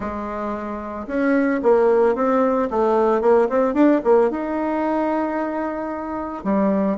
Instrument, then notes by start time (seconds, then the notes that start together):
bassoon
0.00 G#3
1.07 C#4
1.62 A#3
2.15 C4
2.70 A3
3.21 A#3
3.49 C4
3.74 D4
4.03 A#3
4.30 D#4
6.44 G3